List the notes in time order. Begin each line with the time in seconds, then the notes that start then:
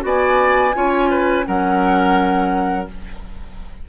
0.00 B3 F#4 D5
0.06 G#5
0.75 C#4 F4 C#5
1.10 B4
1.45 F#3 C#4 A#4 F#5